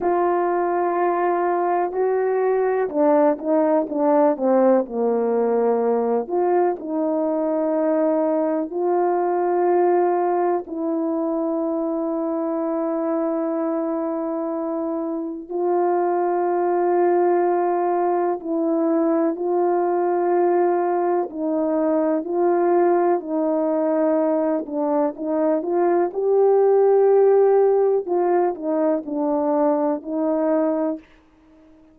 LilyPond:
\new Staff \with { instrumentName = "horn" } { \time 4/4 \tempo 4 = 62 f'2 fis'4 d'8 dis'8 | d'8 c'8 ais4. f'8 dis'4~ | dis'4 f'2 e'4~ | e'1 |
f'2. e'4 | f'2 dis'4 f'4 | dis'4. d'8 dis'8 f'8 g'4~ | g'4 f'8 dis'8 d'4 dis'4 | }